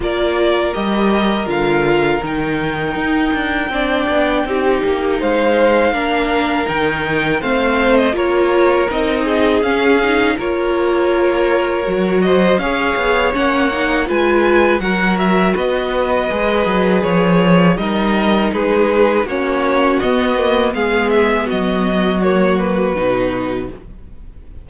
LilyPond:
<<
  \new Staff \with { instrumentName = "violin" } { \time 4/4 \tempo 4 = 81 d''4 dis''4 f''4 g''4~ | g''2. f''4~ | f''4 g''4 f''8. dis''16 cis''4 | dis''4 f''4 cis''2~ |
cis''8 dis''8 f''4 fis''4 gis''4 | fis''8 e''8 dis''2 cis''4 | dis''4 b'4 cis''4 dis''4 | f''8 e''8 dis''4 cis''8 b'4. | }
  \new Staff \with { instrumentName = "violin" } { \time 4/4 ais'1~ | ais'4 d''4 g'4 c''4 | ais'2 c''4 ais'4~ | ais'8 gis'4. ais'2~ |
ais'8 c''8 cis''2 b'4 | ais'4 b'2. | ais'4 gis'4 fis'2 | gis'4 fis'2. | }
  \new Staff \with { instrumentName = "viola" } { \time 4/4 f'4 g'4 f'4 dis'4~ | dis'4 d'4 dis'2 | d'4 dis'4 c'4 f'4 | dis'4 cis'8 dis'8 f'2 |
fis'4 gis'4 cis'8 dis'8 f'4 | fis'2 gis'2 | dis'2 cis'4 b8 ais8 | b2 ais4 dis'4 | }
  \new Staff \with { instrumentName = "cello" } { \time 4/4 ais4 g4 d4 dis4 | dis'8 d'8 c'8 b8 c'8 ais8 gis4 | ais4 dis4 a4 ais4 | c'4 cis'4 ais2 |
fis4 cis'8 b8 ais4 gis4 | fis4 b4 gis8 fis8 f4 | g4 gis4 ais4 b4 | gis4 fis2 b,4 | }
>>